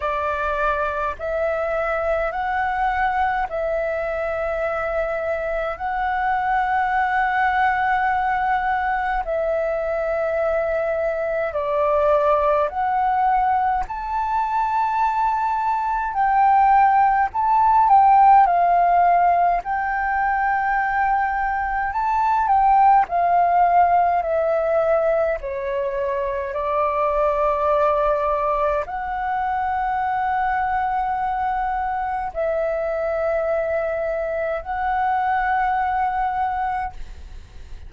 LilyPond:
\new Staff \with { instrumentName = "flute" } { \time 4/4 \tempo 4 = 52 d''4 e''4 fis''4 e''4~ | e''4 fis''2. | e''2 d''4 fis''4 | a''2 g''4 a''8 g''8 |
f''4 g''2 a''8 g''8 | f''4 e''4 cis''4 d''4~ | d''4 fis''2. | e''2 fis''2 | }